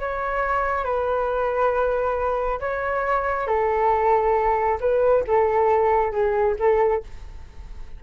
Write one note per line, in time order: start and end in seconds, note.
0.00 0.84 C#5
0.84 2.60 B4
2.60 3.47 C#5
3.47 4.79 A4
4.80 5.24 B4
5.27 6.11 A4
6.11 6.55 G#4
6.59 7.03 A4